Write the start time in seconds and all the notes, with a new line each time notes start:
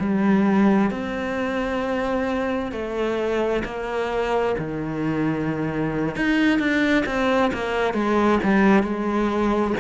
0.00 G3
0.90 C4
2.72 A3
3.64 A#3
4.58 D#3
6.16 D#4
6.59 D4
7.06 C4
7.54 A#3
7.94 G#3
8.43 G3
8.83 G#3